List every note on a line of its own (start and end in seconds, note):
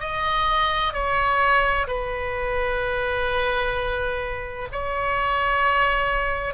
0.00 0.93 D#5
0.93 1.87 C#5
1.87 4.68 B4
4.72 6.54 C#5